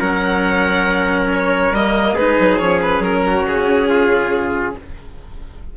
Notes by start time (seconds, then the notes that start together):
0.00 F#3 C#4 A#4 F#5
1.32 C#5
1.71 G3 A#3 D#5
2.13 G#3 D#4 G#4 B4
2.39 F#3
2.58 F3 C#4 C#5
2.81 B4
2.99 F#3 A#4
3.26 F#4
3.44 C#3 G#4
3.89 F4